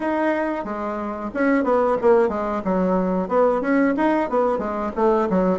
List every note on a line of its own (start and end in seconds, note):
0.00 0.64 D#4
0.64 1.30 G#3
1.34 1.64 C#4
1.64 1.97 B3
2.01 2.29 A#3
2.29 2.62 G#3
2.64 3.28 F#3
3.28 3.61 B3
3.61 3.94 C#4
3.96 4.29 D#4
4.29 4.58 B3
4.58 4.91 G#3
4.95 5.28 A3
5.29 5.59 F#3